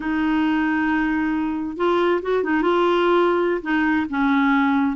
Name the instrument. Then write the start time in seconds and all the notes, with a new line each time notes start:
clarinet
0.00 D#4
1.76 F4
2.22 F#4
2.43 D#4
2.61 F4
3.62 D#4
4.09 C#4